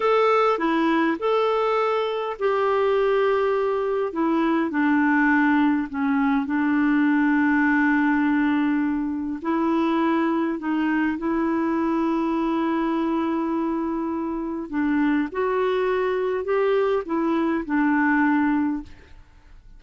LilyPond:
\new Staff \with { instrumentName = "clarinet" } { \time 4/4 \tempo 4 = 102 a'4 e'4 a'2 | g'2. e'4 | d'2 cis'4 d'4~ | d'1 |
e'2 dis'4 e'4~ | e'1~ | e'4 d'4 fis'2 | g'4 e'4 d'2 | }